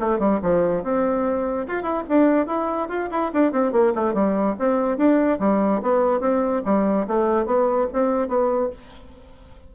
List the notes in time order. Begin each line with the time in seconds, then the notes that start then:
0.00 A3
0.19 G3
0.42 F3
0.84 C4
1.67 F4
1.83 E4
2.09 D4
2.47 E4
2.89 F4
3.11 E4
3.34 D4
3.52 C4
3.72 A#3
3.95 A3
4.14 G3
4.59 C4
4.97 D4
5.40 G3
5.82 B3
6.20 C4
6.65 G3
7.07 A3
7.46 B3
7.93 C4
8.28 B3